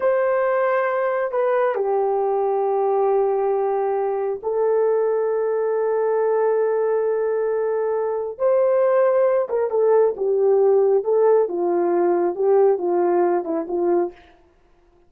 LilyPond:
\new Staff \with { instrumentName = "horn" } { \time 4/4 \tempo 4 = 136 c''2. b'4 | g'1~ | g'2 a'2~ | a'1~ |
a'2. c''4~ | c''4. ais'8 a'4 g'4~ | g'4 a'4 f'2 | g'4 f'4. e'8 f'4 | }